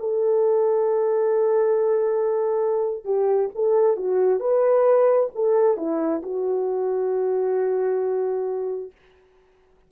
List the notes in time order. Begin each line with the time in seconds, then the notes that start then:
0.00 A4
3.05 G4
3.55 A4
3.97 F#4
4.40 B4
5.35 A4
5.78 E4
6.23 F#4